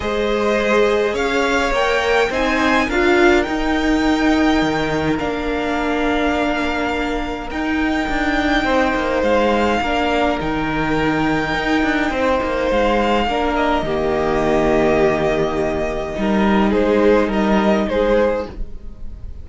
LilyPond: <<
  \new Staff \with { instrumentName = "violin" } { \time 4/4 \tempo 4 = 104 dis''2 f''4 g''4 | gis''4 f''4 g''2~ | g''4 f''2.~ | f''4 g''2. |
f''2 g''2~ | g''2 f''4. dis''8~ | dis''1~ | dis''4 c''4 dis''4 c''4 | }
  \new Staff \with { instrumentName = "violin" } { \time 4/4 c''2 cis''2 | c''4 ais'2.~ | ais'1~ | ais'2. c''4~ |
c''4 ais'2.~ | ais'4 c''2 ais'4 | g'1 | ais'4 gis'4 ais'4 gis'4 | }
  \new Staff \with { instrumentName = "viola" } { \time 4/4 gis'2. ais'4 | dis'4 f'4 dis'2~ | dis'4 d'2.~ | d'4 dis'2.~ |
dis'4 d'4 dis'2~ | dis'2. d'4 | ais1 | dis'1 | }
  \new Staff \with { instrumentName = "cello" } { \time 4/4 gis2 cis'4 ais4 | c'4 d'4 dis'2 | dis4 ais2.~ | ais4 dis'4 d'4 c'8 ais8 |
gis4 ais4 dis2 | dis'8 d'8 c'8 ais8 gis4 ais4 | dis1 | g4 gis4 g4 gis4 | }
>>